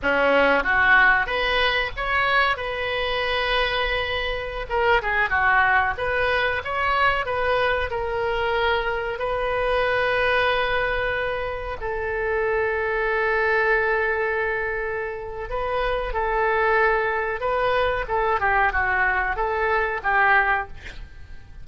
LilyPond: \new Staff \with { instrumentName = "oboe" } { \time 4/4 \tempo 4 = 93 cis'4 fis'4 b'4 cis''4 | b'2.~ b'16 ais'8 gis'16~ | gis'16 fis'4 b'4 cis''4 b'8.~ | b'16 ais'2 b'4.~ b'16~ |
b'2~ b'16 a'4.~ a'16~ | a'1 | b'4 a'2 b'4 | a'8 g'8 fis'4 a'4 g'4 | }